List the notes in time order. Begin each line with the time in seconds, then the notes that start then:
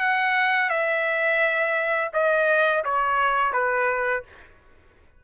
0.00 F#5
0.70 E5
2.14 D#5
2.85 C#5
3.53 B4